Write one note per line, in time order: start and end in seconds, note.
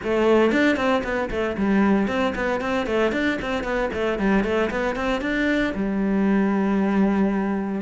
0.03 0.51 A3
0.51 0.76 D4
0.76 1.02 C4
1.03 1.29 B3
1.30 1.56 A3
1.57 2.07 G3
2.07 2.33 C4
2.35 2.60 B3
2.60 2.86 C4
2.86 3.12 A3
3.12 3.38 D4
3.41 3.63 C4
3.63 3.89 B3
3.93 4.19 A3
4.19 4.43 G3
4.43 4.70 A3
4.70 4.95 B3
4.95 5.21 C4
5.21 5.73 D4
5.74 7.81 G3